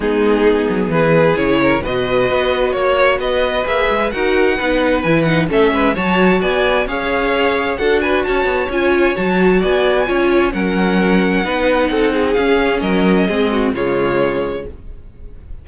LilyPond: <<
  \new Staff \with { instrumentName = "violin" } { \time 4/4 \tempo 4 = 131 gis'2 b'4 cis''4 | dis''2 cis''4 dis''4 | e''4 fis''2 gis''8 fis''8 | e''4 a''4 gis''4 f''4~ |
f''4 fis''8 gis''8 a''4 gis''4 | a''4 gis''2 fis''4~ | fis''2. f''4 | dis''2 cis''2 | }
  \new Staff \with { instrumentName = "violin" } { \time 4/4 dis'2 gis'4. ais'8 | b'2 cis''4 b'4~ | b'4 ais'4 b'2 | a'8 b'8 cis''4 d''4 cis''4~ |
cis''4 a'8 b'8 cis''2~ | cis''4 d''4 cis''4 ais'4~ | ais'4 b'4 a'8 gis'4. | ais'4 gis'8 fis'8 f'2 | }
  \new Staff \with { instrumentName = "viola" } { \time 4/4 b2. e'4 | fis'1 | gis'4 fis'4 dis'4 e'8 dis'8 | cis'4 fis'2 gis'4~ |
gis'4 fis'2 f'4 | fis'2 f'4 cis'4~ | cis'4 dis'2 cis'4~ | cis'4 c'4 gis2 | }
  \new Staff \with { instrumentName = "cello" } { \time 4/4 gis4. fis8 e4 cis4 | b,4 b4 ais4 b4 | ais8 gis8 dis'4 b4 e4 | a8 gis8 fis4 b4 cis'4~ |
cis'4 d'4 cis'8 b8 cis'4 | fis4 b4 cis'4 fis4~ | fis4 b4 c'4 cis'4 | fis4 gis4 cis2 | }
>>